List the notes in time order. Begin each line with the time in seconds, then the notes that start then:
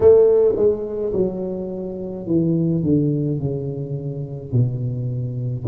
0.00 A3
0.56 G#3
1.13 F#3
2.26 E3
2.83 D3
3.39 C#3
4.51 B2